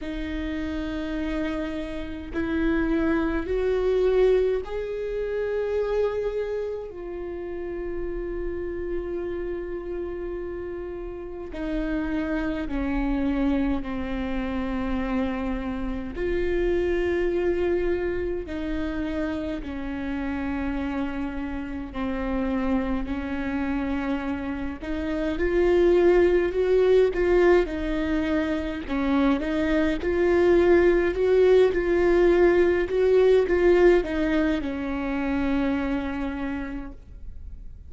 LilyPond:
\new Staff \with { instrumentName = "viola" } { \time 4/4 \tempo 4 = 52 dis'2 e'4 fis'4 | gis'2 f'2~ | f'2 dis'4 cis'4 | c'2 f'2 |
dis'4 cis'2 c'4 | cis'4. dis'8 f'4 fis'8 f'8 | dis'4 cis'8 dis'8 f'4 fis'8 f'8~ | f'8 fis'8 f'8 dis'8 cis'2 | }